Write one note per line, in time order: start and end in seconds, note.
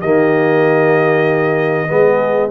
0.00 1.89 D#3
0.00 1.87 A#3
0.00 1.88 G4
0.00 2.50 D#5
1.87 2.50 G#3
1.87 2.50 B3
1.87 2.50 G#4